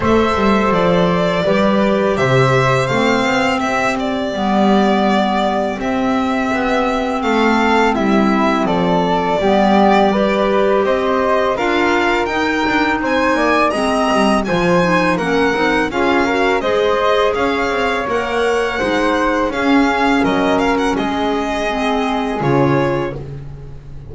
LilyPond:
<<
  \new Staff \with { instrumentName = "violin" } { \time 4/4 \tempo 4 = 83 e''4 d''2 e''4 | f''4 e''8 d''2~ d''8 | e''2 f''4 e''4 | d''2. dis''4 |
f''4 g''4 gis''4 ais''4 | gis''4 fis''4 f''4 dis''4 | f''4 fis''2 f''4 | dis''8 f''16 fis''16 dis''2 cis''4 | }
  \new Staff \with { instrumentName = "flute" } { \time 4/4 c''2 b'4 c''4~ | c''4 g'2.~ | g'2 a'4 e'4 | a'4 g'4 b'4 c''4 |
ais'2 c''8 d''8 dis''4 | c''4 ais'4 gis'8 ais'8 c''4 | cis''2 c''4 gis'4 | ais'4 gis'2. | }
  \new Staff \with { instrumentName = "clarinet" } { \time 4/4 a'2 g'2 | c'2 b2 | c'1~ | c'4 b4 g'2 |
f'4 dis'2 c'4 | f'8 dis'8 cis'8 dis'8 f'8 fis'8 gis'4~ | gis'4 ais'4 dis'4 cis'4~ | cis'2 c'4 f'4 | }
  \new Staff \with { instrumentName = "double bass" } { \time 4/4 a8 g8 f4 g4 c4 | a8 b8 c'4 g2 | c'4 b4 a4 g4 | f4 g2 c'4 |
d'4 dis'8 d'8 c'8 ais8 gis8 g8 | f4 ais8 c'8 cis'4 gis4 | cis'8 c'8 ais4 gis4 cis'4 | fis4 gis2 cis4 | }
>>